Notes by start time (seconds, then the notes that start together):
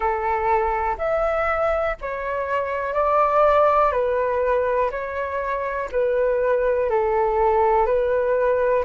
0.00 A4
0.97 E5
2.01 C#5
2.93 D5
3.92 B4
4.90 C#5
5.91 B4
6.90 A4
7.86 B4